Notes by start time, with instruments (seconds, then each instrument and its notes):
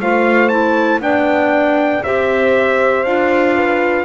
0.00 double bass A3, clarinet F4, horn C5, trumpet F5
0.49 clarinet E4, trumpet A5
1.00 double bass B3, clarinet D4, horn D5, trumpet G5
2.04 double bass C4, clarinet G4, horn C5, trumpet E5
3.04 double bass D4, clarinet F4, trumpet F5
3.57 horn B4